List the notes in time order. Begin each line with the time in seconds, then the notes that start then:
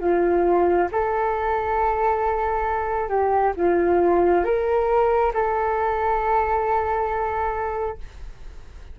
0.00 F4
0.92 A4
3.09 G4
3.57 F4
4.44 A#4
5.34 A4